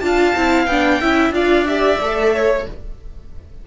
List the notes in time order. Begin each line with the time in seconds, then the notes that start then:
0.00 D4 F4 F5 A5
0.36 C4 E4
0.66 B3 D4 G5
1.01 C#4 E4 E5
1.30 D4 F4 D5 F5
1.67 G4 E5
2.01 A3 A4
2.35 C#5